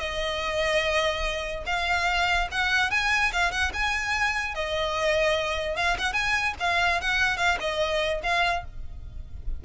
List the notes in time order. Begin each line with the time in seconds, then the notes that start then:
0.00 D#5
1.66 F5
2.52 F#5
2.91 G#5
3.33 F5
3.52 F#5
3.74 G#5
4.55 D#5
5.77 F5
5.98 F#5
6.13 G#5
6.60 F5
7.01 F#5
7.37 F5
7.60 D#5
8.23 F5